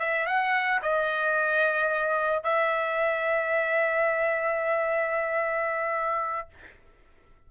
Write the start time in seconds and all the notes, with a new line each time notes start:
0.00 E5
0.27 F#5
0.83 D#5
2.44 E5